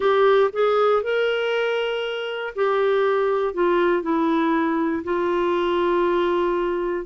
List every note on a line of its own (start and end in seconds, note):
0.00 0.50 G4
0.52 1.02 G#4
1.02 2.53 A#4
2.55 3.54 G4
3.54 4.02 F4
4.02 5.03 E4
5.04 7.05 F4